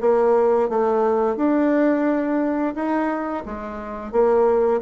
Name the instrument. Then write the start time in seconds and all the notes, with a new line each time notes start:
bassoon
0.00 A#3
0.69 A3
1.36 D4
2.75 D#4
3.45 G#3
4.12 A#3